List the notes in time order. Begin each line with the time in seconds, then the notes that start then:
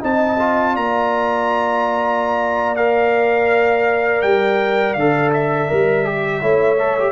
0.00 C4 D#4 D#5 A5
0.38 F4
0.73 A#3 D5 A#5
2.75 A#4 F5
4.21 G3 G5
4.93 D3 A4 F5
5.33 E5
5.68 G3 A#4
6.05 G4
6.41 A3 E4 C#5
6.78 A4
6.99 G4